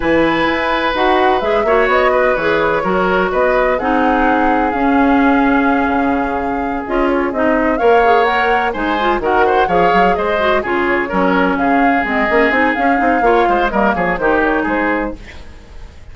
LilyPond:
<<
  \new Staff \with { instrumentName = "flute" } { \time 4/4 \tempo 4 = 127 gis''2 fis''4 e''4 | dis''4 cis''2 dis''4 | fis''2 f''2~ | f''2~ f''8 dis''8 cis''8 dis''8~ |
dis''8 f''4 fis''4 gis''4 fis''8~ | fis''8 f''4 dis''4 cis''4.~ | cis''8 f''4 dis''4 gis''8 f''4~ | f''4 dis''8 cis''8 c''8 cis''8 c''4 | }
  \new Staff \with { instrumentName = "oboe" } { \time 4/4 b'2.~ b'8 cis''8~ | cis''8 b'4. ais'4 b'4 | gis'1~ | gis'1~ |
gis'8 cis''2 c''4 ais'8 | c''8 cis''4 c''4 gis'4 ais'8~ | ais'8 gis'2.~ gis'8 | cis''8 c''8 ais'8 gis'8 g'4 gis'4 | }
  \new Staff \with { instrumentName = "clarinet" } { \time 4/4 e'2 fis'4 gis'8 fis'8~ | fis'4 gis'4 fis'2 | dis'2 cis'2~ | cis'2~ cis'8 f'4 dis'8~ |
dis'8 ais'8 gis'8 ais'4 dis'8 f'8 fis'8~ | fis'8 gis'4. fis'8 f'4 cis'8~ | cis'4. c'8 cis'8 dis'8 cis'8 dis'8 | f'4 ais4 dis'2 | }
  \new Staff \with { instrumentName = "bassoon" } { \time 4/4 e4 e'4 dis'4 gis8 ais8 | b4 e4 fis4 b4 | c'2 cis'2~ | cis'8 cis2 cis'4 c'8~ |
c'8 ais2 gis4 dis8~ | dis8 f8 fis8 gis4 cis4 fis8~ | fis8 cis4 gis8 ais8 c'8 cis'8 c'8 | ais8 gis8 g8 f8 dis4 gis4 | }
>>